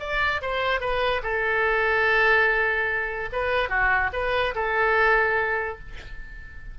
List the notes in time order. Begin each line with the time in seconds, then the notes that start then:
0.00 D5
0.42 C5
0.81 B4
1.23 A4
3.33 B4
3.69 F#4
4.13 B4
4.55 A4